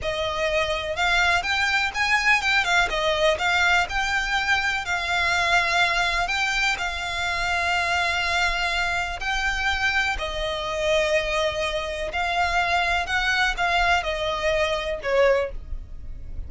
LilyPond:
\new Staff \with { instrumentName = "violin" } { \time 4/4 \tempo 4 = 124 dis''2 f''4 g''4 | gis''4 g''8 f''8 dis''4 f''4 | g''2 f''2~ | f''4 g''4 f''2~ |
f''2. g''4~ | g''4 dis''2.~ | dis''4 f''2 fis''4 | f''4 dis''2 cis''4 | }